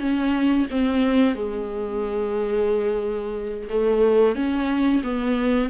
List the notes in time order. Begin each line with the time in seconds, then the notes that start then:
0.00 C#4
0.71 C4
1.35 G#3
3.70 A3
4.36 C#4
5.04 B3